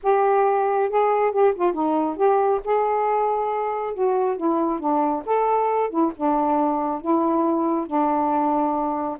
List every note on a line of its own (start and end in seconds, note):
0.02 0.89 G4
0.89 1.31 G#4
1.31 1.53 G4
1.55 1.73 F4
1.73 2.16 D#4
2.16 2.60 G4
2.64 3.94 G#4
3.94 4.37 F#4
4.37 4.79 E4
4.79 5.23 D4
5.25 5.89 A4
5.89 6.11 E4
6.16 7.01 D4
7.01 7.86 E4
7.86 9.18 D4